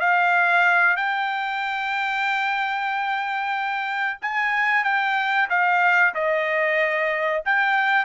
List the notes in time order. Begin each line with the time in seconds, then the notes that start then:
0.00 F5
0.96 G5
4.21 G#5
4.84 G5
5.49 F5
6.14 D#5
7.45 G5